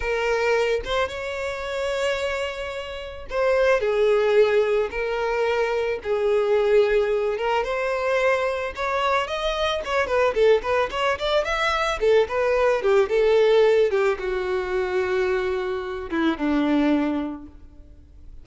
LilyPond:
\new Staff \with { instrumentName = "violin" } { \time 4/4 \tempo 4 = 110 ais'4. c''8 cis''2~ | cis''2 c''4 gis'4~ | gis'4 ais'2 gis'4~ | gis'4. ais'8 c''2 |
cis''4 dis''4 cis''8 b'8 a'8 b'8 | cis''8 d''8 e''4 a'8 b'4 g'8 | a'4. g'8 fis'2~ | fis'4. e'8 d'2 | }